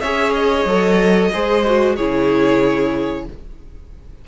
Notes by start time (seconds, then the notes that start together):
0.00 C#4 G#4 C#5 E5
0.34 D#5
0.65 F#3 A4
1.33 G#3 G#4 C5
1.65 F#4
1.96 C#3 E4 G#4 C#5